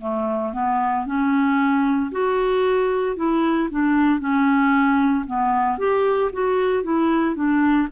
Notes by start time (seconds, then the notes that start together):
0.00 A3
0.53 B3
1.06 C#4
2.11 F#4
3.16 E4
3.70 D4
4.19 C#4
5.26 B3
5.78 G4
6.33 F#4
6.83 E4
7.35 D4